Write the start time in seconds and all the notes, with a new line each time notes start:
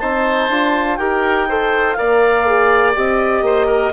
0.00 C4 D#4 C5 A5
0.50 D4 F4
0.97 D#4 G4 A#4 G5
1.49 A4 C5
1.93 A#4 D5 F5
2.00 A#3
2.47 G#4
2.95 C4 G4 D#5
3.42 A#3 C5
3.67 A#4